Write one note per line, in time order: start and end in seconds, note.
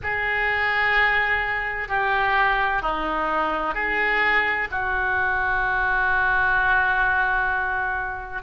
0.03 1.88 G#4
1.88 2.81 G4
2.81 3.74 D#4
3.74 4.68 G#4
4.71 8.42 F#4